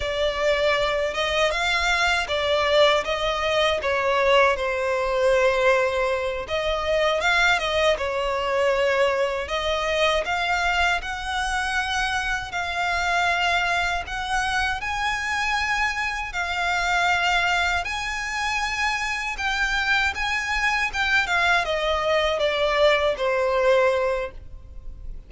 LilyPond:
\new Staff \with { instrumentName = "violin" } { \time 4/4 \tempo 4 = 79 d''4. dis''8 f''4 d''4 | dis''4 cis''4 c''2~ | c''8 dis''4 f''8 dis''8 cis''4.~ | cis''8 dis''4 f''4 fis''4.~ |
fis''8 f''2 fis''4 gis''8~ | gis''4. f''2 gis''8~ | gis''4. g''4 gis''4 g''8 | f''8 dis''4 d''4 c''4. | }